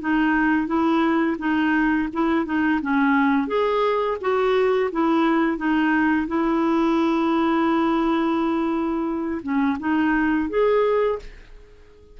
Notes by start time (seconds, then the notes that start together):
0.00 D#4
0.67 E4
1.38 D#4
2.12 E4
2.45 D#4
2.81 C#4
3.47 G#4
4.21 F#4
4.91 E4
5.57 D#4
6.27 E4
9.42 C#4
9.79 D#4
10.49 G#4